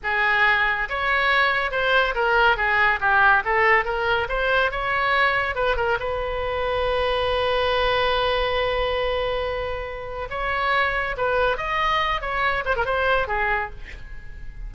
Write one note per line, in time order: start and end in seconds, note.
0.03 0.89 G#4
0.89 1.71 C#5
1.71 2.14 C5
2.14 2.56 A#4
2.56 2.99 G#4
3.00 3.43 G4
3.45 3.84 A4
3.84 4.27 A#4
4.29 4.71 C5
4.71 5.55 C#5
5.55 5.76 B4
5.76 5.97 A#4
5.99 10.28 B4
10.30 11.15 C#5
11.17 11.57 B4
11.57 12.21 D#5
12.21 12.64 C#5
12.65 12.75 C5
12.75 12.85 A#4
12.85 13.27 C5
13.27 13.70 G#4